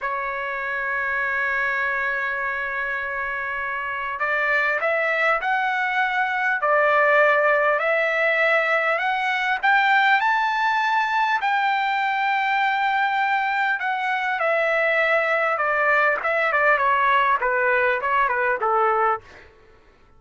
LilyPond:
\new Staff \with { instrumentName = "trumpet" } { \time 4/4 \tempo 4 = 100 cis''1~ | cis''2. d''4 | e''4 fis''2 d''4~ | d''4 e''2 fis''4 |
g''4 a''2 g''4~ | g''2. fis''4 | e''2 d''4 e''8 d''8 | cis''4 b'4 cis''8 b'8 a'4 | }